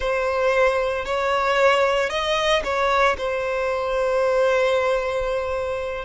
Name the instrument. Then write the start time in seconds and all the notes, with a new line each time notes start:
violin
0.00 C5
1.05 C#5
2.09 D#5
2.63 C#5
3.17 C5